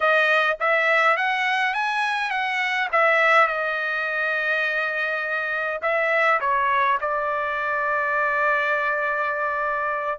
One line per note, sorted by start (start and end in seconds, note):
0.00 0.57 D#5
0.60 1.16 E5
1.16 1.73 F#5
1.73 2.30 G#5
2.30 2.88 F#5
2.92 3.47 E5
3.47 5.80 D#5
5.81 6.40 E5
6.40 6.98 C#5
7.00 10.19 D5